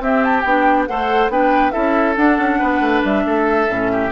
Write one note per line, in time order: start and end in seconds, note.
0.00 0.43 C4
0.00 0.89 G4
0.00 0.24 E5
0.24 0.40 A5
0.40 0.88 B3
0.40 0.88 D4
0.40 0.84 G5
0.87 1.29 A3
0.87 1.31 A4
0.87 1.32 C5
0.87 1.30 F#5
1.29 1.72 B3
1.29 1.71 D4
1.29 1.72 B4
1.29 1.71 G5
1.71 2.17 C#4
1.71 2.15 E4
1.71 2.58 A4
1.71 2.14 E5
2.16 3.67 D4
2.16 2.38 D4
2.16 3.02 F#5
2.38 2.60 C#4
2.58 2.80 B3
2.58 3.23 B4
2.80 3.02 A3
3.04 3.25 G3
3.04 4.11 E5
3.25 3.68 A3
3.25 3.91 A4
3.68 4.11 A2
3.68 4.11 C#4
3.92 4.11 G4